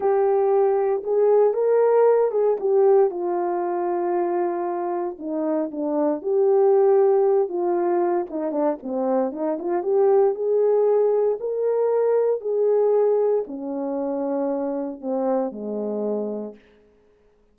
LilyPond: \new Staff \with { instrumentName = "horn" } { \time 4/4 \tempo 4 = 116 g'2 gis'4 ais'4~ | ais'8 gis'8 g'4 f'2~ | f'2 dis'4 d'4 | g'2~ g'8 f'4. |
dis'8 d'8 c'4 dis'8 f'8 g'4 | gis'2 ais'2 | gis'2 cis'2~ | cis'4 c'4 gis2 | }